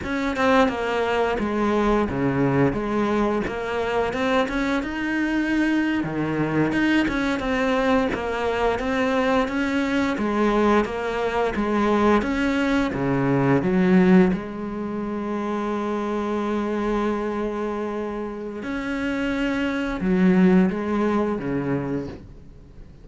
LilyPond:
\new Staff \with { instrumentName = "cello" } { \time 4/4 \tempo 4 = 87 cis'8 c'8 ais4 gis4 cis4 | gis4 ais4 c'8 cis'8 dis'4~ | dis'8. dis4 dis'8 cis'8 c'4 ais16~ | ais8. c'4 cis'4 gis4 ais16~ |
ais8. gis4 cis'4 cis4 fis16~ | fis8. gis2.~ gis16~ | gis2. cis'4~ | cis'4 fis4 gis4 cis4 | }